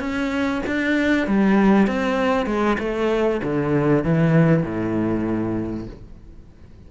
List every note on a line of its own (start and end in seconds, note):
0.00 0.62 C#4
0.67 1.27 D4
1.27 1.87 G3
1.87 2.46 C4
2.46 2.77 G#3
2.79 3.41 A3
3.43 4.04 D3
4.04 4.63 E3
4.63 5.87 A2